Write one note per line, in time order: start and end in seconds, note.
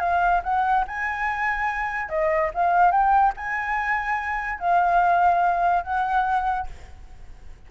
0.00 0.42 F5
0.44 0.85 F#5
0.88 2.09 G#5
2.09 2.51 D#5
2.55 2.92 F5
2.92 3.34 G5
3.37 4.60 G#5
4.60 5.84 F5
5.84 6.67 F#5